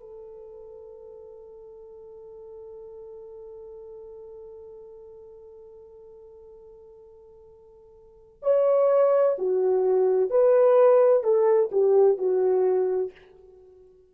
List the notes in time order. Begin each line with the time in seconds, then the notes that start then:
0.00 A4
8.42 C#5
9.38 F#4
10.30 B4
11.23 A4
11.72 G4
12.17 F#4